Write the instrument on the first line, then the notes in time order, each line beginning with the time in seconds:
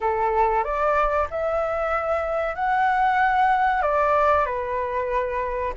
flute
0.00 A4
0.64 D5
1.30 E5
2.55 F#5
3.82 D5
4.45 B4